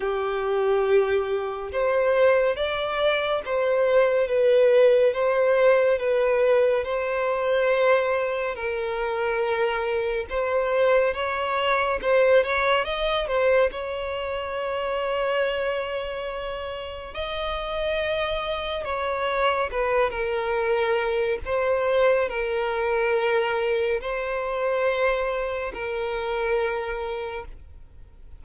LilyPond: \new Staff \with { instrumentName = "violin" } { \time 4/4 \tempo 4 = 70 g'2 c''4 d''4 | c''4 b'4 c''4 b'4 | c''2 ais'2 | c''4 cis''4 c''8 cis''8 dis''8 c''8 |
cis''1 | dis''2 cis''4 b'8 ais'8~ | ais'4 c''4 ais'2 | c''2 ais'2 | }